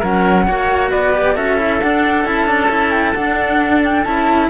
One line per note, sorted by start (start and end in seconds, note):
0.00 0.48 F#3
0.00 0.48 C#4
0.00 0.45 A#4
0.00 0.91 F#5
0.47 0.92 A#3
0.47 1.14 F#4
0.47 0.91 C#5
0.91 1.37 B3
0.91 1.35 B4
0.91 1.36 D5
1.14 1.35 G4
1.35 1.82 C#4
1.35 1.57 F#4
1.35 4.48 A4
1.35 1.81 E5
1.57 1.80 E4
1.81 2.25 D4
1.81 2.26 F#5
2.25 3.14 C#4
2.25 2.47 E4
2.25 2.91 A5
2.47 2.70 D4
2.70 3.15 E4
2.91 3.13 G5
3.14 4.05 D4
3.14 3.81 F#5
3.85 4.04 G5
4.04 4.50 C#4
4.04 4.50 E4
4.04 4.49 A5